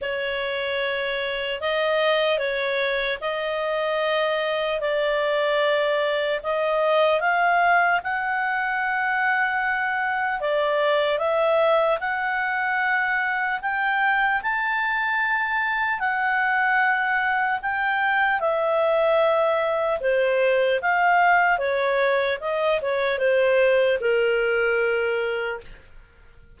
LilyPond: \new Staff \with { instrumentName = "clarinet" } { \time 4/4 \tempo 4 = 75 cis''2 dis''4 cis''4 | dis''2 d''2 | dis''4 f''4 fis''2~ | fis''4 d''4 e''4 fis''4~ |
fis''4 g''4 a''2 | fis''2 g''4 e''4~ | e''4 c''4 f''4 cis''4 | dis''8 cis''8 c''4 ais'2 | }